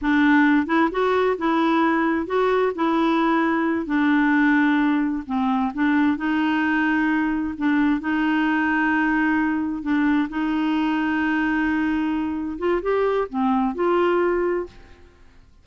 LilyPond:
\new Staff \with { instrumentName = "clarinet" } { \time 4/4 \tempo 4 = 131 d'4. e'8 fis'4 e'4~ | e'4 fis'4 e'2~ | e'8 d'2. c'8~ | c'8 d'4 dis'2~ dis'8~ |
dis'8 d'4 dis'2~ dis'8~ | dis'4. d'4 dis'4.~ | dis'2.~ dis'8 f'8 | g'4 c'4 f'2 | }